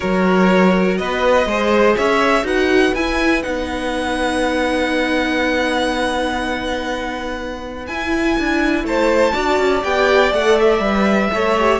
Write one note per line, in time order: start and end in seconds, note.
0.00 1.00 F#3
0.00 1.45 F#4
0.00 0.98 A#4
0.00 0.97 C#5
0.97 1.45 B3
0.97 1.48 B4
0.97 1.95 D#5
1.45 1.95 G#3
1.45 2.43 G#4
1.45 1.97 C5
1.97 2.43 C#4
1.97 2.45 C#5
1.97 2.46 E5
2.43 2.92 D#4
2.43 2.92 F#4
2.43 8.85 B4
2.43 2.95 F#5
2.94 3.43 E4
2.94 3.42 E4
2.94 3.43 G#5
3.42 7.88 B3
3.42 7.85 D#4
3.42 7.85 F#5
7.86 8.37 E4
7.86 9.32 E4
7.86 8.85 G#5
8.39 8.83 D4
8.83 9.33 A3
8.83 9.33 C5
8.83 9.83 A5
9.32 9.58 D4
9.32 9.81 F#4
9.32 11.30 D5
9.58 9.83 C#4
9.83 10.31 B3
9.83 10.31 G4
9.83 10.32 G5
10.31 10.79 A3
10.31 10.81 A4
10.31 10.58 F#5
10.59 11.80 E5
10.79 11.28 G3
10.79 11.30 B4
11.32 11.80 A3
11.32 11.56 A4
11.32 11.80 C#5
11.59 11.80 G4